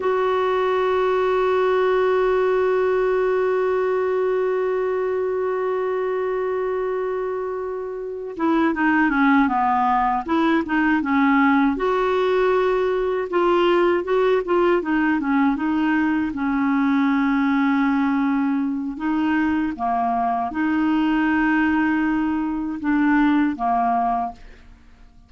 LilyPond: \new Staff \with { instrumentName = "clarinet" } { \time 4/4 \tempo 4 = 79 fis'1~ | fis'1~ | fis'2. e'8 dis'8 | cis'8 b4 e'8 dis'8 cis'4 fis'8~ |
fis'4. f'4 fis'8 f'8 dis'8 | cis'8 dis'4 cis'2~ cis'8~ | cis'4 dis'4 ais4 dis'4~ | dis'2 d'4 ais4 | }